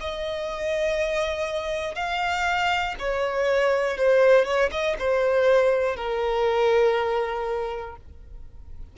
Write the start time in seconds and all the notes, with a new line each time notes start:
0.00 D#5
1.95 F5
2.99 C#5
3.97 C5
4.45 C#5
4.71 D#5
4.99 C5
5.96 A#4